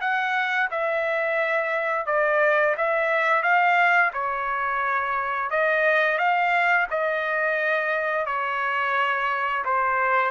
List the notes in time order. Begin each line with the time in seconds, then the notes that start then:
0.00 F#5
0.70 E5
2.06 D5
2.77 E5
3.42 F5
4.13 C#5
5.50 D#5
6.18 F5
6.90 D#5
8.26 C#5
9.64 C5